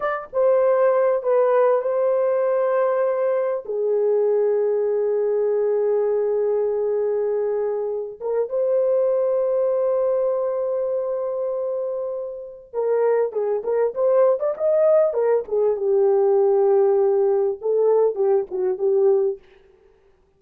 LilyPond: \new Staff \with { instrumentName = "horn" } { \time 4/4 \tempo 4 = 99 d''8 c''4. b'4 c''4~ | c''2 gis'2~ | gis'1~ | gis'4. ais'8 c''2~ |
c''1~ | c''4 ais'4 gis'8 ais'8 c''8. d''16 | dis''4 ais'8 gis'8 g'2~ | g'4 a'4 g'8 fis'8 g'4 | }